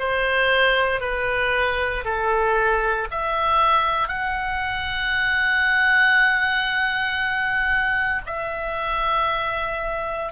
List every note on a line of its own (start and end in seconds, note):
0.00 1.01 C5
1.01 2.05 B4
2.05 3.08 A4
3.12 4.09 E5
4.09 8.22 F#5
8.27 10.33 E5